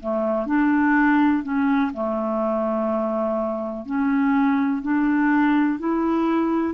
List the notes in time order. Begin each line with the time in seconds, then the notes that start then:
0.00 A3
0.47 D4
1.43 C#4
1.94 A3
3.86 C#4
4.83 D4
5.79 E4